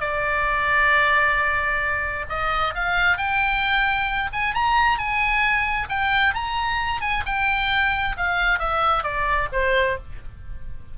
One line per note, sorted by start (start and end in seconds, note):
0.00 2.26 D5
2.29 2.74 D#5
2.74 3.17 F5
3.17 4.30 G5
4.32 4.54 G#5
4.54 4.98 A#5
4.98 5.88 G#5
5.89 6.34 G5
6.34 7.01 A#5
7.01 7.23 G#5
7.25 8.16 G5
8.17 8.59 F5
8.59 9.03 E5
9.03 9.48 D5
9.52 9.97 C5